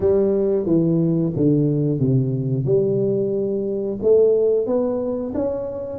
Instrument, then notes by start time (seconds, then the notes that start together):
tuba
0.00 G3
0.65 E3
1.35 D3
1.99 C3
2.65 G3
4.02 A3
4.66 B3
5.34 C#4